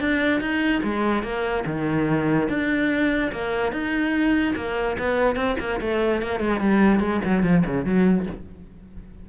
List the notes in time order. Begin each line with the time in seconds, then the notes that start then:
0.00 D4
0.40 D#4
0.83 G#3
1.23 A#3
1.66 D#3
2.49 D4
3.32 A#3
3.72 D#4
4.56 A#3
4.98 B3
5.35 C4
5.59 A#3
5.80 A3
6.22 A#3
6.40 G#3
6.60 G3
7.00 G#3
7.25 F#3
7.43 F3
7.66 C#3
7.85 F#3